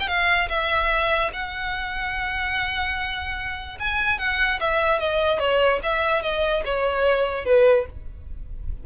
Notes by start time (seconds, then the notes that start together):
0.00 G5
0.08 F5
0.49 E5
1.33 F#5
3.80 G#5
4.19 F#5
4.60 E5
5.00 D#5
5.40 C#5
5.83 E5
6.22 D#5
6.65 C#5
7.45 B4